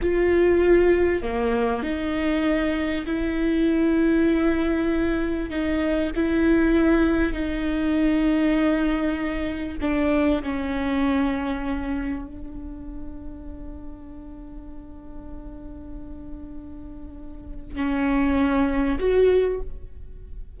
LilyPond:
\new Staff \with { instrumentName = "viola" } { \time 4/4 \tempo 4 = 98 f'2 ais4 dis'4~ | dis'4 e'2.~ | e'4 dis'4 e'2 | dis'1 |
d'4 cis'2. | d'1~ | d'1~ | d'4 cis'2 fis'4 | }